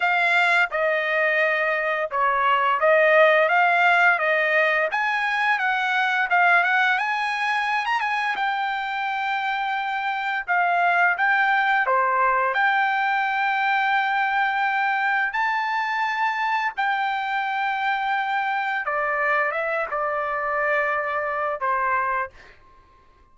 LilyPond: \new Staff \with { instrumentName = "trumpet" } { \time 4/4 \tempo 4 = 86 f''4 dis''2 cis''4 | dis''4 f''4 dis''4 gis''4 | fis''4 f''8 fis''8 gis''4~ gis''16 ais''16 gis''8 | g''2. f''4 |
g''4 c''4 g''2~ | g''2 a''2 | g''2. d''4 | e''8 d''2~ d''8 c''4 | }